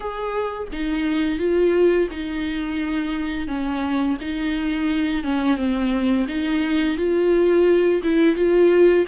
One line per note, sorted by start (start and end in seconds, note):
0.00 0.67 G#4
0.72 1.38 D#4
1.38 2.08 F4
2.11 3.47 D#4
3.47 4.17 C#4
4.20 5.23 D#4
5.23 5.57 C#4
5.57 6.26 C4
6.28 6.97 D#4
6.97 8.01 F4
8.03 8.35 E4
8.35 9.05 F4